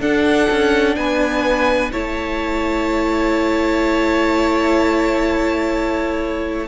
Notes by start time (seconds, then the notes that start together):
0.00 D4 A4 F#5
0.50 C#4
0.95 B3 B4 G#5
1.92 A3 E4 C#5 A5